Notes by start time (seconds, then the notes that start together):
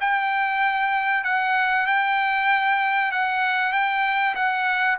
0.00 G5
1.24 F#5
1.86 G5
3.11 F#5
3.72 G5
4.35 F#5